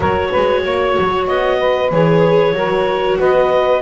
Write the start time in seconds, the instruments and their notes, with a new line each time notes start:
0.00 double bass F#3, viola F#4, saxophone A#4, clarinet C#5
0.31 double bass G#3, saxophone B4
0.64 double bass A#3, saxophone C#5
0.98 double bass F#3
1.27 double bass B3, clarinet D#5
1.58 saxophone B4
1.91 double bass E3, viola G#4, clarinet C#5
2.53 double bass F#3, viola F#4, saxophone A#4
3.18 double bass B3, saxophone B4, clarinet D#5